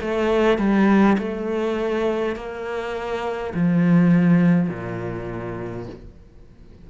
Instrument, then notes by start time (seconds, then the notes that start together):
cello
0.00 A3
0.58 G3
1.18 A3
2.35 A#3
3.53 F3
4.68 A#2